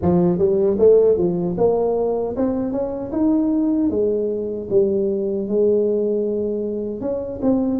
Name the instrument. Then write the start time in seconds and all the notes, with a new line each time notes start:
tuba
0.02 F3
0.38 G3
0.78 A3
1.17 F3
1.57 A#3
2.36 C4
2.72 C#4
3.12 D#4
3.90 G#3
4.70 G3
5.48 G#3
7.01 C#4
7.42 C4